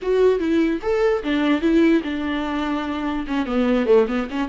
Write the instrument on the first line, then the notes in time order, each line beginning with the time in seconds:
viola
0.01 F#4
0.39 E4
0.81 A4
1.23 D4
1.61 E4
2.03 D4
3.27 C#4
3.46 B3
3.86 A3
4.07 B3
4.30 C#4